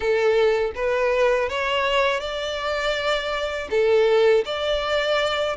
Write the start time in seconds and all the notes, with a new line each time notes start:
0.00 A4
0.75 B4
1.48 C#5
2.20 D5
3.70 A4
4.45 D5